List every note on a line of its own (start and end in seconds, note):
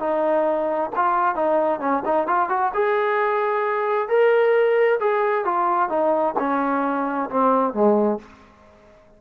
0.00 0.91 D#4
0.96 1.36 F4
1.36 1.80 D#4
1.80 2.03 C#4
2.06 2.28 D#4
2.28 2.50 F4
2.50 2.73 F#4
2.74 4.09 G#4
4.09 5.00 A#4
5.00 5.45 G#4
5.45 5.89 F4
5.89 6.35 D#4
6.39 7.30 C#4
7.30 7.74 C4
7.74 8.19 G#3